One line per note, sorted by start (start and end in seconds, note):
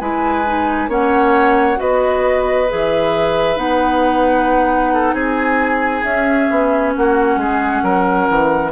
0.00 0.89 G#3
0.00 0.45 E4
0.00 0.90 B4
0.00 0.90 G#5
0.46 0.90 D#4
0.89 1.78 A#3
0.89 1.76 C#4
0.89 1.79 C#5
0.89 1.81 F#5
1.76 2.70 B3
1.76 2.66 F#4
1.76 4.93 B4
1.76 2.70 D#5
2.70 3.57 E3
2.70 3.57 G#4
2.70 3.58 E5
3.57 5.13 B3
3.57 6.03 D#4
3.57 5.14 F#5
4.94 5.15 A4
5.13 6.03 C4
5.13 6.94 G#4
5.13 6.03 G#5
6.04 6.49 C#4
6.04 8.72 C#4
6.04 6.93 E5
6.51 6.96 B3
6.96 7.37 A#3
6.96 7.40 F#4
6.96 8.72 F#5
7.37 7.82 G#3
7.37 7.84 G#4
7.83 8.28 F#3
7.83 8.72 A#4
8.30 8.72 E3